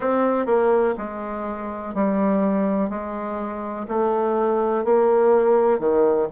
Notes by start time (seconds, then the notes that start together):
0.00 C4
0.46 A#3
0.97 G#3
1.94 G3
2.89 G#3
3.88 A3
4.84 A#3
5.79 D#3